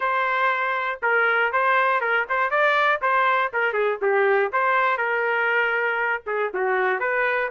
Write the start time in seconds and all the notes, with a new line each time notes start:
0.00 C5
1.02 A#4
1.52 C5
2.00 A#4
2.29 C5
2.50 D5
3.01 C5
3.53 A#4
3.73 G#4
4.01 G4
4.52 C5
4.97 A#4
6.26 G#4
6.54 F#4
6.99 B4